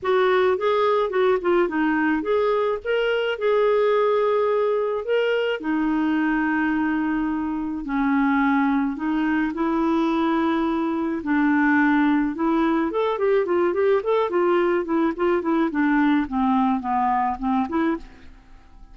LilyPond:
\new Staff \with { instrumentName = "clarinet" } { \time 4/4 \tempo 4 = 107 fis'4 gis'4 fis'8 f'8 dis'4 | gis'4 ais'4 gis'2~ | gis'4 ais'4 dis'2~ | dis'2 cis'2 |
dis'4 e'2. | d'2 e'4 a'8 g'8 | f'8 g'8 a'8 f'4 e'8 f'8 e'8 | d'4 c'4 b4 c'8 e'8 | }